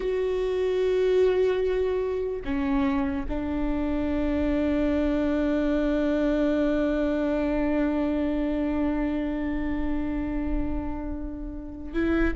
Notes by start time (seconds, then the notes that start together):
0.00 F#4
2.45 C#4
3.28 D4
11.93 E4